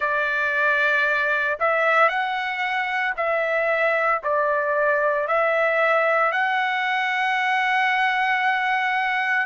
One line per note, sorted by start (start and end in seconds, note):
0.00 1.58 D5
1.59 2.08 E5
2.08 3.13 F#5
3.16 4.22 E5
4.23 5.27 D5
5.27 6.32 E5
6.32 9.46 F#5